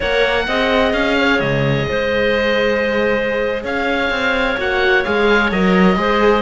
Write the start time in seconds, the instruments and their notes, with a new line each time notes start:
0.00 cello A#3, viola A#4, clarinet C#5, oboe F#5
0.47 cello C4, viola G#4, clarinet D#5
0.93 cello C#4, oboe F5
1.19 clarinet C#5
1.39 cello C#2, oboe D#5
1.89 cello G#3, clarinet C5
3.63 cello C#4, clarinet C#5, oboe F5
4.10 cello C4
4.57 cello A#3, viola F#4, oboe F#5
5.04 cello G#3, viola G#4, oboe F5
5.51 cello F#3, viola A#4, oboe D#5
5.96 cello G#3, viola G#4, clarinet C5